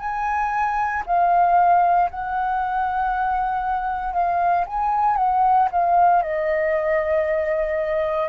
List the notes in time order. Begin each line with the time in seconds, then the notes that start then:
0.00 G#5
1.07 F5
2.11 F#5
4.14 F5
4.67 G#5
5.17 F#5
5.72 F5
6.23 D#5